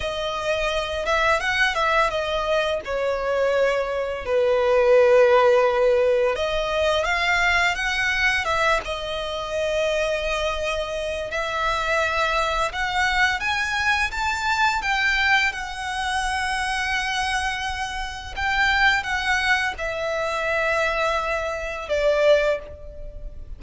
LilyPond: \new Staff \with { instrumentName = "violin" } { \time 4/4 \tempo 4 = 85 dis''4. e''8 fis''8 e''8 dis''4 | cis''2 b'2~ | b'4 dis''4 f''4 fis''4 | e''8 dis''2.~ dis''8 |
e''2 fis''4 gis''4 | a''4 g''4 fis''2~ | fis''2 g''4 fis''4 | e''2. d''4 | }